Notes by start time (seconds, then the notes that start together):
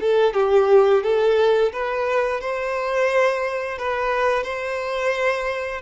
0.00 A4
0.34 G4
1.03 A4
1.72 B4
2.40 C5
3.78 B4
4.43 C5